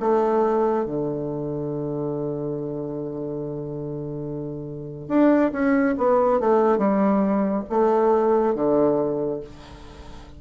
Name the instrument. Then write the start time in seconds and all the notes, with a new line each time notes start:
bassoon
0.00 A3
0.85 D3
5.08 D4
5.52 C#4
5.97 B3
6.40 A3
6.78 G3
7.69 A3
8.54 D3